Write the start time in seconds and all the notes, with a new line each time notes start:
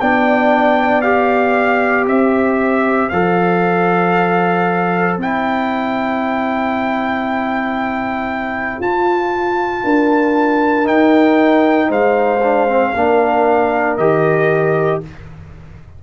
0.00 B3 D4 D5 G5
1.02 G4 F5
2.06 C4 C5 E5
3.09 F3 A4 F5
5.17 C4 E4 G5
8.79 F4 A5
9.84 D4 A#4
10.84 D#4 G5
11.88 G#3 C5 F5
12.43 D4
12.68 C4
12.94 A#3 D4 A#4
13.97 D#3 G4 D#5